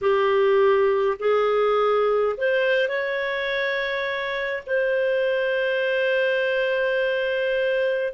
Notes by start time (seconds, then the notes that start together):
0.01 G4
1.19 G#4
2.37 C5
2.88 C#5
4.66 C5